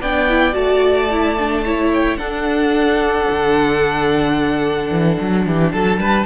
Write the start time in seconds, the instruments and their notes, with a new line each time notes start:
0.00 cello B3, viola D4, violin D5 G5
0.29 viola E4
0.52 cello A3, viola F#4, violin A5
1.11 viola E4
1.38 viola D4
1.65 viola E4, violin C#5
1.93 violin G5
2.17 cello D4, viola D4, violin A4 F#5
3.30 cello D3
4.90 cello E3
5.21 cello F#3
5.45 cello E3, violin G4
5.72 cello F#3, violin A4 A5
5.98 cello G3, violin B4